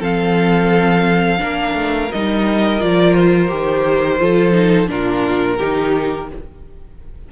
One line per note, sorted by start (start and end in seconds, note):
0.00 1.40 F3
0.00 1.38 C4
0.00 1.40 A4
0.00 2.12 F5
1.38 1.74 A#3
1.38 2.08 D4
1.38 4.21 A#4
1.74 2.09 A3
2.12 2.82 G3
2.12 2.80 D#4
2.12 2.81 D#5
2.80 3.51 F3
2.80 3.48 F4
2.80 3.15 D5
3.15 4.89 C5
3.48 4.20 D#3
3.48 4.18 G4
4.19 4.89 F3
4.19 4.52 F4
4.19 4.91 A4
4.52 4.87 D#4
4.87 5.59 A#2
4.87 5.57 D4
4.87 5.58 F4
4.87 6.29 A#4
5.58 6.32 D#3
5.58 6.30 D#4
5.58 6.28 G4